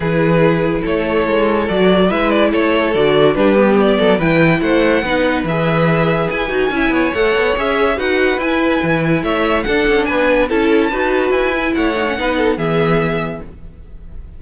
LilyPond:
<<
  \new Staff \with { instrumentName = "violin" } { \time 4/4 \tempo 4 = 143 b'2 cis''2 | d''4 e''8 d''8 cis''4 d''4 | b'4 d''4 g''4 fis''4~ | fis''4 e''2 gis''4~ |
gis''4 fis''4 e''4 fis''4 | gis''2 e''4 fis''4 | gis''4 a''2 gis''4 | fis''2 e''2 | }
  \new Staff \with { instrumentName = "violin" } { \time 4/4 gis'2 a'2~ | a'4 b'4 a'2 | g'4. a'8 b'4 c''4 | b'1 |
e''8 cis''2~ cis''8 b'4~ | b'2 cis''4 a'4 | b'4 a'4 b'2 | cis''4 b'8 a'8 gis'2 | }
  \new Staff \with { instrumentName = "viola" } { \time 4/4 e'1 | fis'4 e'2 fis'4 | d'8 b4. e'2 | dis'4 gis'2~ gis'8 fis'8 |
e'4 a'4 gis'4 fis'4 | e'2. d'4~ | d'4 e'4 fis'4. e'8~ | e'8 dis'16 cis'16 dis'4 b2 | }
  \new Staff \with { instrumentName = "cello" } { \time 4/4 e2 a4 gis4 | fis4 gis4 a4 d4 | g4. fis8 e4 a4 | b4 e2 e'8 dis'8 |
cis'8 b8 a8 b8 cis'4 dis'4 | e'4 e4 a4 d'8 cis'8 | b4 cis'4 dis'4 e'4 | a4 b4 e2 | }
>>